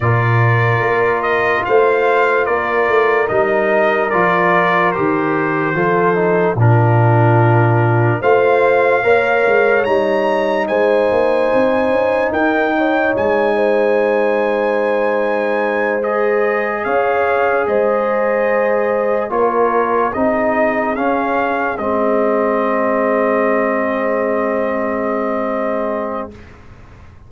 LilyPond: <<
  \new Staff \with { instrumentName = "trumpet" } { \time 4/4 \tempo 4 = 73 d''4. dis''8 f''4 d''4 | dis''4 d''4 c''2 | ais'2 f''2 | ais''4 gis''2 g''4 |
gis''2.~ gis''8 dis''8~ | dis''8 f''4 dis''2 cis''8~ | cis''8 dis''4 f''4 dis''4.~ | dis''1 | }
  \new Staff \with { instrumentName = "horn" } { \time 4/4 ais'2 c''4 ais'4~ | ais'2. a'4 | f'2 c''4 cis''4~ | cis''4 c''2 ais'8 cis''8~ |
cis''8 c''2.~ c''8~ | c''8 cis''4 c''2 ais'8~ | ais'8 gis'2.~ gis'8~ | gis'1 | }
  \new Staff \with { instrumentName = "trombone" } { \time 4/4 f'1 | dis'4 f'4 g'4 f'8 dis'8 | d'2 f'4 ais'4 | dis'1~ |
dis'2.~ dis'8 gis'8~ | gis'2.~ gis'8 f'8~ | f'8 dis'4 cis'4 c'4.~ | c'1 | }
  \new Staff \with { instrumentName = "tuba" } { \time 4/4 ais,4 ais4 a4 ais8 a8 | g4 f4 dis4 f4 | ais,2 a4 ais8 gis8 | g4 gis8 ais8 c'8 cis'8 dis'4 |
gis1~ | gis8 cis'4 gis2 ais8~ | ais8 c'4 cis'4 gis4.~ | gis1 | }
>>